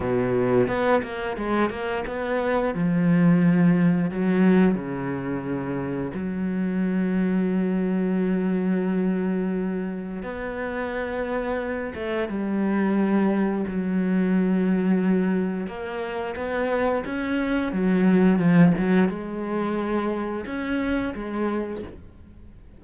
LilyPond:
\new Staff \with { instrumentName = "cello" } { \time 4/4 \tempo 4 = 88 b,4 b8 ais8 gis8 ais8 b4 | f2 fis4 cis4~ | cis4 fis2.~ | fis2. b4~ |
b4. a8 g2 | fis2. ais4 | b4 cis'4 fis4 f8 fis8 | gis2 cis'4 gis4 | }